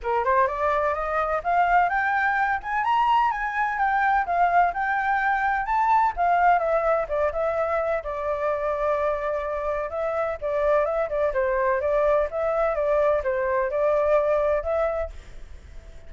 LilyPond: \new Staff \with { instrumentName = "flute" } { \time 4/4 \tempo 4 = 127 ais'8 c''8 d''4 dis''4 f''4 | g''4. gis''8 ais''4 gis''4 | g''4 f''4 g''2 | a''4 f''4 e''4 d''8 e''8~ |
e''4 d''2.~ | d''4 e''4 d''4 e''8 d''8 | c''4 d''4 e''4 d''4 | c''4 d''2 e''4 | }